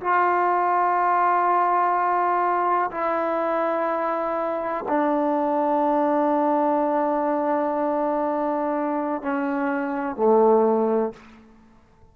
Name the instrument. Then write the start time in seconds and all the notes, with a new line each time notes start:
trombone
0.00 F4
2.91 E4
4.88 D4
9.22 C#4
10.16 A3